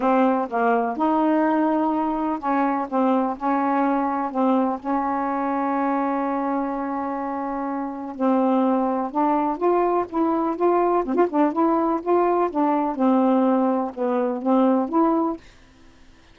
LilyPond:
\new Staff \with { instrumentName = "saxophone" } { \time 4/4 \tempo 4 = 125 c'4 ais4 dis'2~ | dis'4 cis'4 c'4 cis'4~ | cis'4 c'4 cis'2~ | cis'1~ |
cis'4 c'2 d'4 | f'4 e'4 f'4 c'16 f'16 d'8 | e'4 f'4 d'4 c'4~ | c'4 b4 c'4 e'4 | }